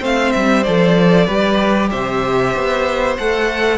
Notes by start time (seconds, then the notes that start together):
0.00 A3 C4 C5 F5
0.32 G3 E5
0.63 F3 A4 D5
1.26 G3 G4 B4
1.91 C3 C5 E5
2.55 B3
3.17 A3 A4 F#5